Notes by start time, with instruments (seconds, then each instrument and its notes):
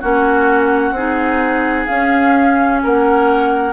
0.00 bassoon A#3, clarinet C#4, oboe F#4, flute F#5
0.91 bassoon C4, clarinet D#4, oboe G#4
1.86 clarinet C#4, bassoon C#4, flute F5
2.83 bassoon A#3, oboe A#4, flute F#5